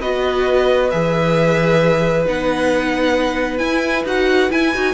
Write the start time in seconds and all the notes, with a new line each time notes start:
0.00 B3 F#4 B4 D#5
0.91 E3 G#4 E5
2.25 B3 D#4 F#5
3.58 E4 G#5
4.04 D#4 F#4 F#5
4.50 E4 G#5
4.74 D#4 F#4